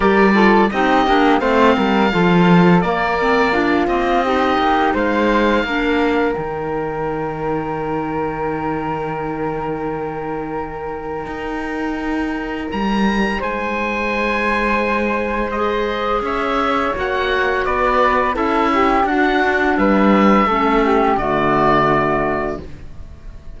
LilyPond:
<<
  \new Staff \with { instrumentName = "oboe" } { \time 4/4 \tempo 4 = 85 d''4 dis''4 f''2 | d''4. dis''4. f''4~ | f''4 g''2.~ | g''1~ |
g''2 ais''4 gis''4~ | gis''2 dis''4 e''4 | fis''4 d''4 e''4 fis''4 | e''2 d''2 | }
  \new Staff \with { instrumentName = "flute" } { \time 4/4 ais'8 a'8 g'4 c''8 ais'8 a'4 | ais'4 f'4 g'4 c''4 | ais'1~ | ais'1~ |
ais'2. c''4~ | c''2. cis''4~ | cis''4 b'4 a'8 g'8 fis'4 | b'4 a'8 g'8 fis'2 | }
  \new Staff \with { instrumentName = "clarinet" } { \time 4/4 g'8 f'8 dis'8 d'8 c'4 f'4 | ais8 c'8 d'8 ais8 dis'2 | d'4 dis'2.~ | dis'1~ |
dis'1~ | dis'2 gis'2 | fis'2 e'4 d'4~ | d'4 cis'4 a2 | }
  \new Staff \with { instrumentName = "cello" } { \time 4/4 g4 c'8 ais8 a8 g8 f4 | ais4. c'4 ais8 gis4 | ais4 dis2.~ | dis1 |
dis'2 g4 gis4~ | gis2. cis'4 | ais4 b4 cis'4 d'4 | g4 a4 d2 | }
>>